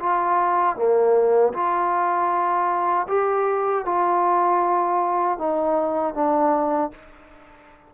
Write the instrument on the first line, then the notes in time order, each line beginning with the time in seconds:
trombone
0.00 F4
0.76 A#3
1.53 F4
3.08 G4
3.86 F4
5.38 D#4
6.15 D4